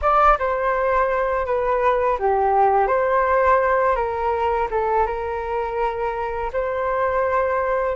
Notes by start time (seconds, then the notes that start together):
0.01 D5
0.38 C5
1.46 B4
2.19 G4
2.87 C5
3.95 A#4
4.71 A4
5.06 A#4
6.52 C5